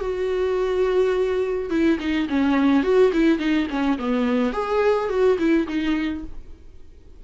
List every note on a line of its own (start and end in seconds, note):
0.00 1.70 F#4
1.70 1.98 E4
1.99 2.27 D#4
2.29 2.83 C#4
2.83 3.11 F#4
3.13 3.39 E4
3.39 3.67 D#4
3.69 3.98 C#4
3.98 4.53 B3
4.53 5.09 G#4
5.09 5.37 F#4
5.39 5.67 E4
5.67 6.24 D#4